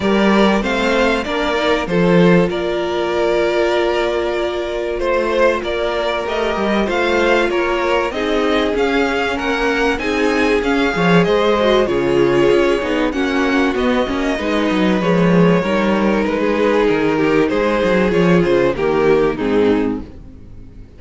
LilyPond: <<
  \new Staff \with { instrumentName = "violin" } { \time 4/4 \tempo 4 = 96 d''4 f''4 d''4 c''4 | d''1 | c''4 d''4 dis''4 f''4 | cis''4 dis''4 f''4 fis''4 |
gis''4 f''4 dis''4 cis''4~ | cis''4 fis''4 dis''2 | cis''2 b'4 ais'4 | c''4 cis''8 c''8 ais'4 gis'4 | }
  \new Staff \with { instrumentName = "violin" } { \time 4/4 ais'4 c''4 ais'4 a'4 | ais'1 | c''4 ais'2 c''4 | ais'4 gis'2 ais'4 |
gis'4. cis''8 c''4 gis'4~ | gis'4 fis'2 b'4~ | b'4 ais'4~ ais'16 gis'4~ gis'16 g'8 | gis'2 g'4 dis'4 | }
  \new Staff \with { instrumentName = "viola" } { \time 4/4 g'4 c'4 d'8 dis'8 f'4~ | f'1~ | f'2 g'4 f'4~ | f'4 dis'4 cis'2 |
dis'4 cis'8 gis'4 fis'8 f'4~ | f'8 dis'8 cis'4 b8 cis'8 dis'4 | gis4 dis'2.~ | dis'4 f'4 ais4 c'4 | }
  \new Staff \with { instrumentName = "cello" } { \time 4/4 g4 a4 ais4 f4 | ais1 | a4 ais4 a8 g8 a4 | ais4 c'4 cis'4 ais4 |
c'4 cis'8 f8 gis4 cis4 | cis'8 b8 ais4 b8 ais8 gis8 fis8 | f4 g4 gis4 dis4 | gis8 fis8 f8 cis8 dis4 gis,4 | }
>>